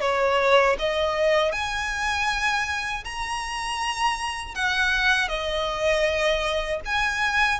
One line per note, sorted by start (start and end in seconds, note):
0.00 0.76 C#5
0.78 1.52 D#5
1.52 3.03 G#5
3.04 4.54 A#5
4.54 5.28 F#5
5.28 6.80 D#5
6.85 7.60 G#5